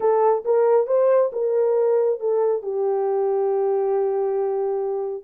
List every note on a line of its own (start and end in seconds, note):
0.00 0.44 A4
0.44 0.87 A#4
0.87 1.30 C5
1.32 2.20 A#4
2.20 2.62 A4
2.62 5.24 G4